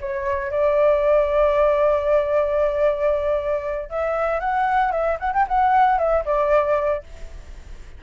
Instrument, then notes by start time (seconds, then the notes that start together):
flute
0.00 C#5
0.51 D5
3.89 E5
4.40 F#5
4.92 E5
5.20 F#5
5.33 G5
5.48 F#5
5.98 E5
6.25 D5